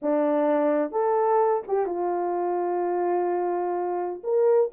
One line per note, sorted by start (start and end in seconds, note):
0.02 0.91 D4
0.91 1.62 A4
1.67 1.86 G4
1.86 4.22 F4
4.23 4.71 A#4